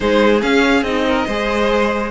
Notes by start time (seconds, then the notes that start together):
0.00 G#3 D#4 G#4 C5
0.42 C#4 F5
0.82 C4 D#4 D#5
1.07 A#4
1.26 G#3 G#4 C5